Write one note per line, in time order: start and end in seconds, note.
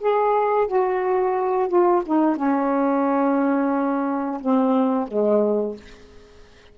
0.00 0.68 G#4
0.68 1.69 F#4
1.69 2.03 F4
2.06 2.37 D#4
2.37 4.41 C#4
4.41 5.08 C4
5.08 5.76 G#3